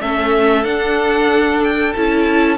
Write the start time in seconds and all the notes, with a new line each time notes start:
0.00 A3 C#4 A4 E5
0.63 D4 F#5
1.63 G5
1.93 C#4 E4 A5